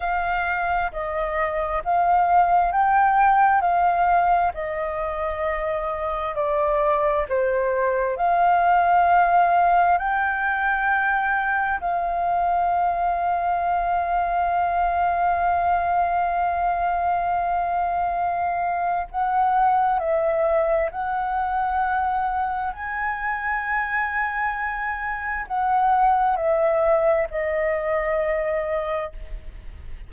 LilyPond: \new Staff \with { instrumentName = "flute" } { \time 4/4 \tempo 4 = 66 f''4 dis''4 f''4 g''4 | f''4 dis''2 d''4 | c''4 f''2 g''4~ | g''4 f''2.~ |
f''1~ | f''4 fis''4 e''4 fis''4~ | fis''4 gis''2. | fis''4 e''4 dis''2 | }